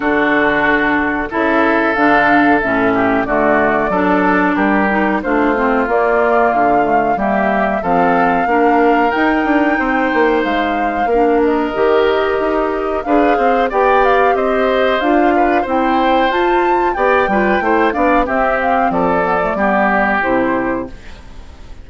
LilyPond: <<
  \new Staff \with { instrumentName = "flute" } { \time 4/4 \tempo 4 = 92 a'2 e''4 f''4 | e''4 d''2 ais'4 | c''4 d''4 f''4 e''4 | f''2 g''2 |
f''4. dis''2~ dis''8 | f''4 g''8 f''8 dis''4 f''4 | g''4 a''4 g''4. f''8 | e''8 f''8 d''2 c''4 | }
  \new Staff \with { instrumentName = "oboe" } { \time 4/4 fis'2 a'2~ | a'8 g'8 fis'4 a'4 g'4 | f'2. g'4 | a'4 ais'2 c''4~ |
c''4 ais'2. | b'8 c''8 d''4 c''4. b'8 | c''2 d''8 b'8 c''8 d''8 | g'4 a'4 g'2 | }
  \new Staff \with { instrumentName = "clarinet" } { \time 4/4 d'2 e'4 d'4 | cis'4 a4 d'4. dis'8 | d'8 c'8 ais4. a8 ais4 | c'4 d'4 dis'2~ |
dis'4 d'4 g'2 | gis'4 g'2 f'4 | e'4 f'4 g'8 f'8 e'8 d'8 | c'4. b16 a16 b4 e'4 | }
  \new Staff \with { instrumentName = "bassoon" } { \time 4/4 d2 cis4 d4 | a,4 d4 fis4 g4 | a4 ais4 d4 g4 | f4 ais4 dis'8 d'8 c'8 ais8 |
gis4 ais4 dis4 dis'4 | d'8 c'8 b4 c'4 d'4 | c'4 f'4 b8 g8 a8 b8 | c'4 f4 g4 c4 | }
>>